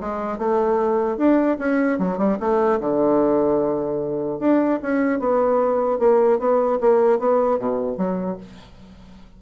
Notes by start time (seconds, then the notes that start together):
0.00 G#3
0.38 A3
1.17 D4
1.59 C#4
1.98 F#3
2.17 G3
2.40 A3
2.80 D3
4.39 D4
4.82 C#4
5.19 B3
5.99 A#3
6.39 B3
6.80 A#3
7.19 B3
7.59 B2
7.97 F#3